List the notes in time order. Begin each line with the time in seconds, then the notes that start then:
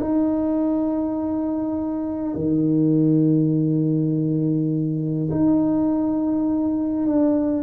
0.00 D#4
2.35 D#3
5.31 D#4
7.06 D4